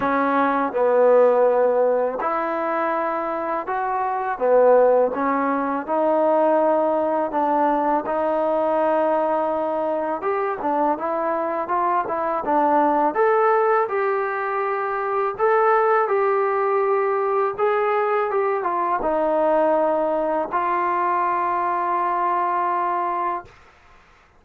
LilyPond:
\new Staff \with { instrumentName = "trombone" } { \time 4/4 \tempo 4 = 82 cis'4 b2 e'4~ | e'4 fis'4 b4 cis'4 | dis'2 d'4 dis'4~ | dis'2 g'8 d'8 e'4 |
f'8 e'8 d'4 a'4 g'4~ | g'4 a'4 g'2 | gis'4 g'8 f'8 dis'2 | f'1 | }